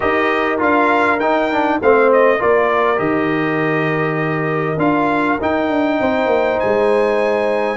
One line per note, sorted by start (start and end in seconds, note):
0.00 0.60 D#4
0.00 0.58 G4
0.00 1.78 A#4
0.00 0.59 D#5
0.58 1.20 D4
0.58 1.18 F4
0.58 1.19 F5
1.19 1.80 D#4
1.19 1.51 D#4
1.19 1.79 G5
1.51 1.81 D4
1.81 2.41 A3
1.81 2.39 C4
1.81 2.39 C5
1.81 2.12 F5
2.12 2.41 D#5
2.39 2.99 A#3
2.39 2.96 F4
2.39 5.99 A#4
2.39 2.99 D5
2.96 4.77 D#3
2.96 4.75 G4
2.96 4.79 D#5
4.77 5.37 D4
4.77 5.38 F4
4.77 5.39 F5
5.41 5.70 D#4
5.41 7.77 D#4
5.41 6.59 G5
5.70 6.00 D4
5.99 6.26 C4
5.99 7.77 C5
6.26 6.56 A#3
6.59 7.77 G#3
6.59 7.77 G#5